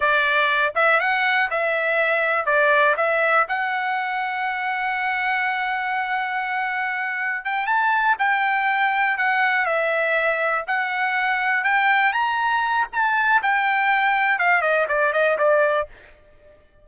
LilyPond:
\new Staff \with { instrumentName = "trumpet" } { \time 4/4 \tempo 4 = 121 d''4. e''8 fis''4 e''4~ | e''4 d''4 e''4 fis''4~ | fis''1~ | fis''2. g''8 a''8~ |
a''8 g''2 fis''4 e''8~ | e''4. fis''2 g''8~ | g''8 ais''4. a''4 g''4~ | g''4 f''8 dis''8 d''8 dis''8 d''4 | }